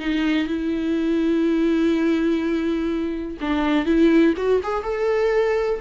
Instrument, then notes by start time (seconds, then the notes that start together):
viola
0.00 D#4
0.48 E4
3.41 D4
3.86 E4
4.37 F#4
4.63 G#4
4.84 A4